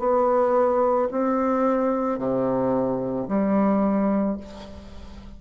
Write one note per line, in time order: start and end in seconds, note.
0.00 1.09 B3
1.12 2.19 C4
2.19 3.28 C3
3.29 4.38 G3